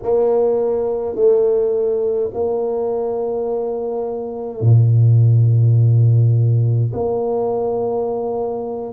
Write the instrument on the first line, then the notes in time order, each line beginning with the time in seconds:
tuba
0.02 A#3
1.15 A3
2.33 A#3
4.60 A#2
6.93 A#3